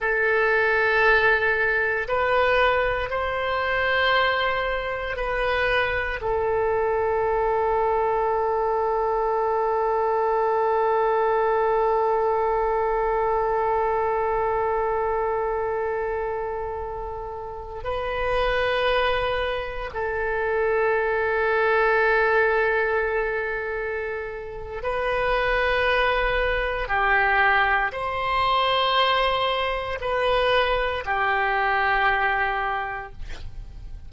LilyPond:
\new Staff \with { instrumentName = "oboe" } { \time 4/4 \tempo 4 = 58 a'2 b'4 c''4~ | c''4 b'4 a'2~ | a'1~ | a'1~ |
a'4~ a'16 b'2 a'8.~ | a'1 | b'2 g'4 c''4~ | c''4 b'4 g'2 | }